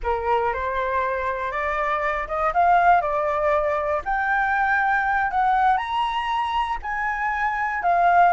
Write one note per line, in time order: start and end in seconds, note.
0.03 0.53 A#4
0.53 1.51 C5
1.51 2.27 D5
2.27 2.52 D#5
2.53 3.01 F5
3.01 4.02 D5
4.04 5.30 G5
5.30 5.77 F#5
5.77 6.77 A#5
6.82 7.82 G#5
7.82 8.33 F5